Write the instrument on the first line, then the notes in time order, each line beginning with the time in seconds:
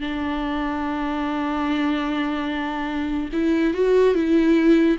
viola
0.00 D4
3.33 E4
3.73 F#4
4.14 E4